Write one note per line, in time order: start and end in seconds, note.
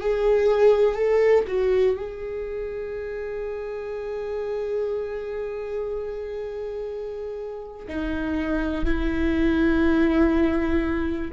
0.00 0.95 G#4
0.95 1.44 A4
1.47 1.96 F#4
1.96 7.86 G#4
7.87 8.85 D#4
8.85 11.31 E4